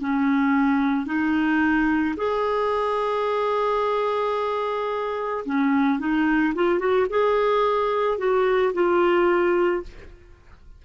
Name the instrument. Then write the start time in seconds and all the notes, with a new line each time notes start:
clarinet
0.00 C#4
1.06 D#4
2.17 G#4
5.45 C#4
5.99 D#4
6.55 F4
6.79 F#4
7.10 G#4
8.18 F#4
8.74 F4